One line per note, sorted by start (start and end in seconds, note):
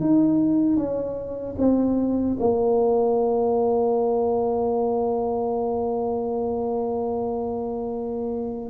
0.00 0.76 D#4
0.76 1.55 C#4
1.58 2.37 C4
2.39 8.70 A#3